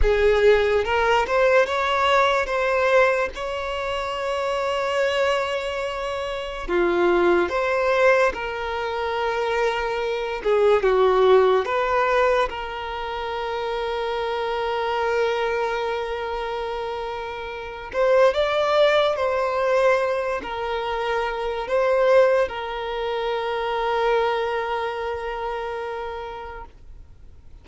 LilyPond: \new Staff \with { instrumentName = "violin" } { \time 4/4 \tempo 4 = 72 gis'4 ais'8 c''8 cis''4 c''4 | cis''1 | f'4 c''4 ais'2~ | ais'8 gis'8 fis'4 b'4 ais'4~ |
ais'1~ | ais'4. c''8 d''4 c''4~ | c''8 ais'4. c''4 ais'4~ | ais'1 | }